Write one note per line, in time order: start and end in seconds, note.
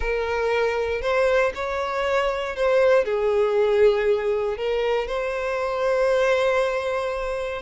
0.00 1.01 A#4
1.01 1.52 C5
1.54 2.56 C#5
2.56 3.04 C5
3.04 4.57 G#4
4.57 5.07 A#4
5.07 7.61 C5